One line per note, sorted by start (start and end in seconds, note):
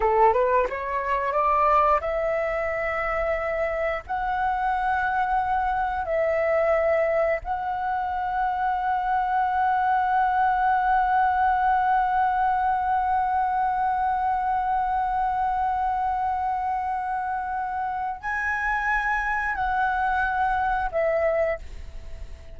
0.00 0.33 A4
0.33 0.66 B4
0.69 1.32 C#5
1.32 1.99 D5
2.00 4.03 E5
4.06 6.05 F#5
6.05 7.39 E5
7.43 18.21 F#5
18.21 19.55 G#5
19.55 20.90 F#5
20.91 21.59 E5